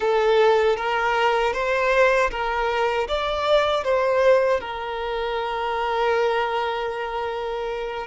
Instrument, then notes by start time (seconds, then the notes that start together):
violin
0.00 A4
0.76 A#4
1.53 C5
2.30 A#4
3.08 D5
3.84 C5
4.60 A#4